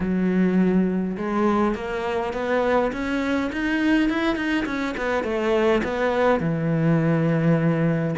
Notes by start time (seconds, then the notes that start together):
0.00 F#3
1.17 G#3
1.74 A#3
2.33 B3
2.92 C#4
3.52 D#4
4.09 E4
4.35 D#4
4.65 C#4
4.97 B3
5.23 A3
5.83 B3
6.39 E3